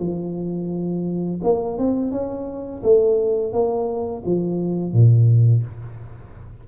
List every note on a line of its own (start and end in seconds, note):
0.00 1.41 F3
1.44 1.79 A#3
1.79 2.12 C4
2.12 2.82 C#4
2.83 3.53 A3
3.53 4.24 A#3
4.26 4.93 F3
4.93 5.63 A#2